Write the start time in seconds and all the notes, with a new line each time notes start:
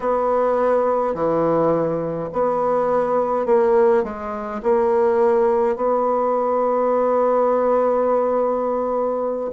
0.00 B3
1.14 E3
2.32 B3
3.46 A#3
4.03 G#3
4.63 A#3
5.76 B3